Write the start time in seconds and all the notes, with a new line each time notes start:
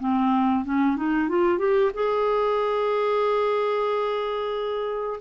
0.00 C4
0.65 C#4
0.97 D#4
1.29 F4
1.59 G4
1.94 G#4